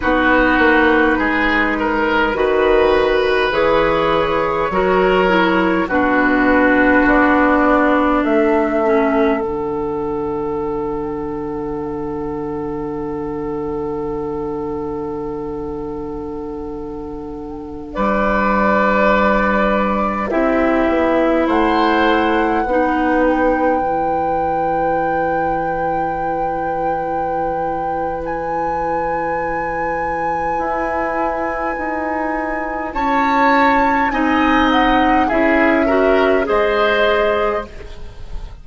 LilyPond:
<<
  \new Staff \with { instrumentName = "flute" } { \time 4/4 \tempo 4 = 51 b'2. cis''4~ | cis''4 b'4 d''4 e''4 | fis''1~ | fis''2.~ fis''16 d''8.~ |
d''4~ d''16 e''4 fis''4. g''16~ | g''1 | gis''1 | a''4 gis''8 fis''8 e''4 dis''4 | }
  \new Staff \with { instrumentName = "oboe" } { \time 4/4 fis'4 gis'8 ais'8 b'2 | ais'4 fis'2 a'4~ | a'1~ | a'2.~ a'16 b'8.~ |
b'4~ b'16 g'4 c''4 b'8.~ | b'1~ | b'1 | cis''4 dis''4 gis'8 ais'8 c''4 | }
  \new Staff \with { instrumentName = "clarinet" } { \time 4/4 dis'2 fis'4 gis'4 | fis'8 e'8 d'2~ d'8 cis'8 | d'1~ | d'1~ |
d'4~ d'16 e'2 dis'8.~ | dis'16 e'2.~ e'8.~ | e'1~ | e'4 dis'4 e'8 fis'8 gis'4 | }
  \new Staff \with { instrumentName = "bassoon" } { \time 4/4 b8 ais8 gis4 dis4 e4 | fis4 b,4 b4 a4 | d1~ | d2.~ d16 g8.~ |
g4~ g16 c'8 b8 a4 b8.~ | b16 e2.~ e8.~ | e2 e'4 dis'4 | cis'4 c'4 cis'4 gis4 | }
>>